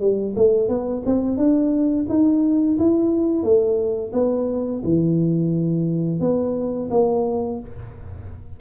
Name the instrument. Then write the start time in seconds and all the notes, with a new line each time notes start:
tuba
0.00 G3
0.36 A3
0.68 B3
1.06 C4
1.37 D4
2.09 D#4
2.78 E4
3.43 A3
4.13 B3
4.84 E3
6.20 B3
6.90 A#3